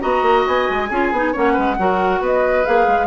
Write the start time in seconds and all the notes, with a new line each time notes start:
0.00 B3 F#4 D#5 A#5
0.22 A#3
0.47 B3 G#5
0.69 G#3
0.89 C#4 F4 G#4
1.11 B3 D#4
1.32 A#3 C#4 C#5 F#5
1.52 G#3 B4
1.78 F#3 F#4 A#4
2.20 B3 B4 D#5
2.64 A#3 G#4 F5
2.87 G#3